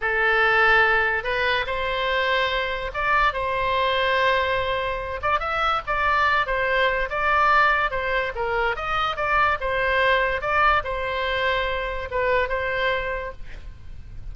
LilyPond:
\new Staff \with { instrumentName = "oboe" } { \time 4/4 \tempo 4 = 144 a'2. b'4 | c''2. d''4 | c''1~ | c''8 d''8 e''4 d''4. c''8~ |
c''4 d''2 c''4 | ais'4 dis''4 d''4 c''4~ | c''4 d''4 c''2~ | c''4 b'4 c''2 | }